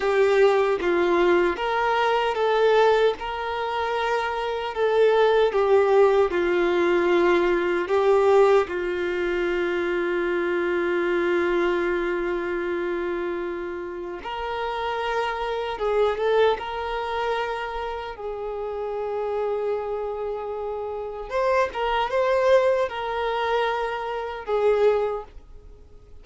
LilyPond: \new Staff \with { instrumentName = "violin" } { \time 4/4 \tempo 4 = 76 g'4 f'4 ais'4 a'4 | ais'2 a'4 g'4 | f'2 g'4 f'4~ | f'1~ |
f'2 ais'2 | gis'8 a'8 ais'2 gis'4~ | gis'2. c''8 ais'8 | c''4 ais'2 gis'4 | }